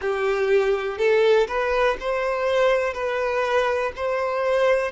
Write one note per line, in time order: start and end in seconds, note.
0.00 0.98 G4
0.98 1.47 A4
1.48 1.97 B4
2.00 2.93 C5
2.93 3.92 B4
3.96 4.91 C5